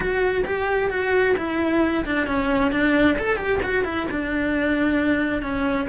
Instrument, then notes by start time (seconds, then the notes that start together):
cello
0.00 F#4
0.45 G4
0.90 F#4
1.37 E4
2.05 D4
2.27 C#4
2.71 D4
3.18 A4
3.36 G4
3.62 F#4
3.84 E4
4.10 D4
5.42 C#4